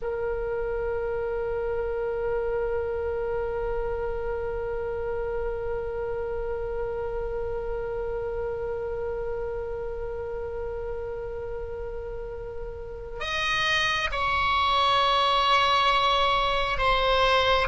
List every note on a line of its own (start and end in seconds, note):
0.02 13.20 A#4
13.20 14.09 D#5
14.11 16.77 C#5
16.77 17.67 C5